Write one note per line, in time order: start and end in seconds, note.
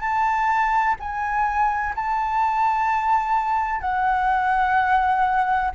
0.00 0.95 A5
1.00 1.95 G#5
1.95 3.81 A5
3.81 5.71 F#5